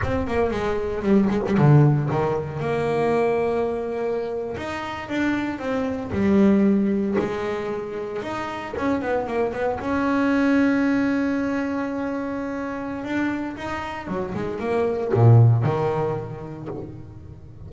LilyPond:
\new Staff \with { instrumentName = "double bass" } { \time 4/4 \tempo 4 = 115 c'8 ais8 gis4 g8 gis16 g16 d4 | dis4 ais2.~ | ais8. dis'4 d'4 c'4 g16~ | g4.~ g16 gis2 dis'16~ |
dis'8. cis'8 b8 ais8 b8 cis'4~ cis'16~ | cis'1~ | cis'4 d'4 dis'4 fis8 gis8 | ais4 ais,4 dis2 | }